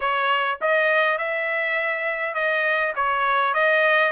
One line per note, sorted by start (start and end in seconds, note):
0.00 0.59 C#5
0.61 1.18 D#5
1.18 2.34 E5
2.34 2.93 D#5
2.95 3.54 C#5
3.54 4.11 D#5